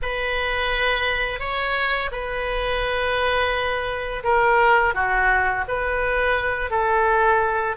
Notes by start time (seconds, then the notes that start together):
0.02 B4
1.39 C#5
2.11 B4
4.24 A#4
4.94 F#4
5.68 B4
6.70 A4